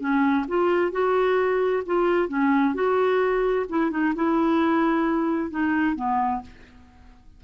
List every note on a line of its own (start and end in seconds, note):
0.00 0.46 C#4
0.48 0.91 F4
0.91 1.83 F#4
1.86 2.29 F4
2.29 2.74 C#4
2.74 3.66 F#4
3.69 3.91 E4
3.91 4.14 D#4
4.15 5.50 E4
5.50 5.96 D#4
5.96 6.41 B3